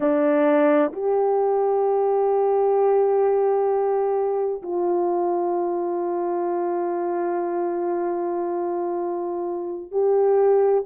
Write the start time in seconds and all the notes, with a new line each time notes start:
0.00 D4
0.92 G4
4.62 F4
9.91 G4